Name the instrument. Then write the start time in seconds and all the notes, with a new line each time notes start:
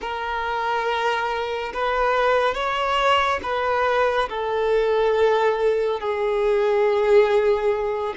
violin
0.01 A#4
1.73 B4
2.54 C#5
3.42 B4
4.29 A4
6.00 G#4